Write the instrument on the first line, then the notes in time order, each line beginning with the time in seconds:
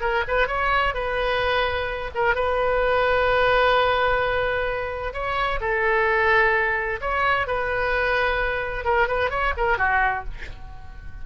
oboe
0.00 A#4
0.27 B4
0.47 C#5
0.94 B4
2.14 A#4
2.35 B4
5.13 C#5
5.60 A4
7.01 C#5
7.47 B4
8.84 A#4
9.07 B4
9.30 C#5
9.56 A#4
9.77 F#4